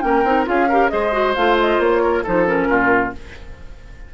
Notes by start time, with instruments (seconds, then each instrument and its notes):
0.00 bassoon A#3, clarinet C#4, oboe A#4, flute G5
0.23 bassoon C4, clarinet D#4
0.45 bassoon C#4, clarinet F4, oboe G#4, flute F5
0.68 clarinet G4, oboe A#4
0.89 bassoon G#3, clarinet G#4, oboe C5, flute D#5
1.11 clarinet F#4
1.34 bassoon A3, clarinet F4, flute F5
1.59 flute D#5
1.78 bassoon A#3, flute C#5
2.02 oboe A#4
2.23 bassoon F3, clarinet D#4, oboe A4, flute C5
2.45 clarinet C#4, flute A#4
2.69 bassoon A#2, oboe F4